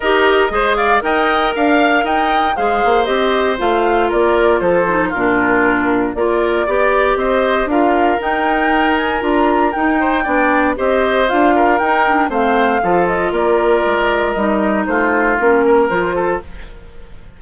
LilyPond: <<
  \new Staff \with { instrumentName = "flute" } { \time 4/4 \tempo 4 = 117 dis''4. f''8 g''4 f''4 | g''4 f''4 dis''4 f''4 | d''4 c''4 ais'2 | d''2 dis''4 f''4 |
g''4. gis''8 ais''4 g''4~ | g''4 dis''4 f''4 g''4 | f''4. dis''8 d''2 | dis''4 c''4 ais'4 c''4 | }
  \new Staff \with { instrumentName = "oboe" } { \time 4/4 ais'4 c''8 d''8 dis''4 f''4 | dis''4 c''2. | ais'4 a'4 f'2 | ais'4 d''4 c''4 ais'4~ |
ais'2.~ ais'8 c''8 | d''4 c''4. ais'4. | c''4 a'4 ais'2~ | ais'4 f'4. ais'4 a'8 | }
  \new Staff \with { instrumentName = "clarinet" } { \time 4/4 g'4 gis'4 ais'2~ | ais'4 gis'4 g'4 f'4~ | f'4. dis'8 d'2 | f'4 g'2 f'4 |
dis'2 f'4 dis'4 | d'4 g'4 f'4 dis'8 d'8 | c'4 f'2. | dis'2 cis'4 f'4 | }
  \new Staff \with { instrumentName = "bassoon" } { \time 4/4 dis'4 gis4 dis'4 d'4 | dis'4 gis8 ais8 c'4 a4 | ais4 f4 ais,2 | ais4 b4 c'4 d'4 |
dis'2 d'4 dis'4 | b4 c'4 d'4 dis'4 | a4 f4 ais4 gis4 | g4 a4 ais4 f4 | }
>>